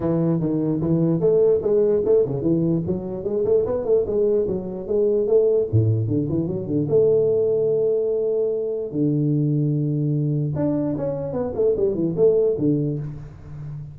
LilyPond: \new Staff \with { instrumentName = "tuba" } { \time 4/4 \tempo 4 = 148 e4 dis4 e4 a4 | gis4 a8 cis8 e4 fis4 | gis8 a8 b8 a8 gis4 fis4 | gis4 a4 a,4 d8 e8 |
fis8 d8 a2.~ | a2 d2~ | d2 d'4 cis'4 | b8 a8 g8 e8 a4 d4 | }